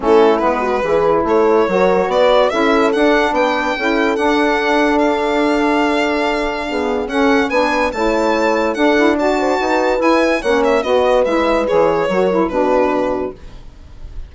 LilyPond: <<
  \new Staff \with { instrumentName = "violin" } { \time 4/4 \tempo 4 = 144 a'4 b'2 cis''4~ | cis''4 d''4 e''4 fis''4 | g''2 fis''2 | f''1~ |
f''4 fis''4 gis''4 a''4~ | a''4 fis''4 a''2 | gis''4 fis''8 e''8 dis''4 e''4 | cis''2 b'2 | }
  \new Staff \with { instrumentName = "horn" } { \time 4/4 e'4. fis'8 gis'4 a'4 | ais'4 b'4 a'2 | b'4 a'2.~ | a'1 |
gis'4 a'4 b'4 cis''4~ | cis''4 a'4 d''8 c''8 b'4~ | b'4 cis''4 b'2~ | b'4 ais'4 fis'2 | }
  \new Staff \with { instrumentName = "saxophone" } { \time 4/4 cis'4 b4 e'2 | fis'2 e'4 d'4~ | d'4 e'4 d'2~ | d'1 |
b4 cis'4 d'4 e'4~ | e'4 d'8 e'8 fis'2 | e'4 cis'4 fis'4 e'4 | gis'4 fis'8 e'8 d'2 | }
  \new Staff \with { instrumentName = "bassoon" } { \time 4/4 a4 gis4 e4 a4 | fis4 b4 cis'4 d'4 | b4 cis'4 d'2~ | d'1~ |
d'4 cis'4 b4 a4~ | a4 d'2 dis'4 | e'4 ais4 b4 gis4 | e4 fis4 b,2 | }
>>